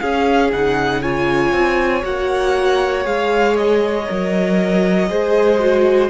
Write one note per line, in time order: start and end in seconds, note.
0.00 0.53 C#4
0.00 1.02 G#4
0.00 0.51 F5
0.52 1.53 C#3
0.52 1.04 D#4
0.52 1.03 F#5
1.02 2.03 F4
1.02 5.09 C#5
1.02 2.04 G#5
1.53 2.03 C4
2.03 3.06 A#3
2.03 3.04 F#4
2.03 3.06 F#5
3.04 4.07 G#3
3.04 4.06 G#4
3.04 3.57 F5
3.58 6.10 D#5
4.07 5.10 F#3
4.07 5.08 A#4
5.10 6.10 G#3
5.10 5.60 G#4
5.10 6.10 C5
5.60 6.10 F#4